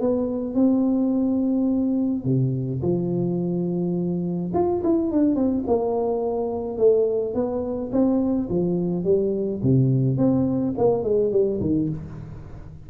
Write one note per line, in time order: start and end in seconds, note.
0.00 0.55 B3
0.55 2.25 C4
2.25 2.81 C3
2.82 4.52 F3
4.54 4.82 F4
4.83 5.11 E4
5.11 5.35 D4
5.35 5.64 C4
5.67 6.78 A#3
6.78 7.34 A3
7.34 7.91 B3
7.92 8.49 C4
8.50 9.04 F3
9.04 9.61 G3
9.62 10.17 C3
10.17 10.74 C4
10.78 11.04 A#3
11.04 11.32 G#3
11.32 11.60 G3
11.60 11.89 D#3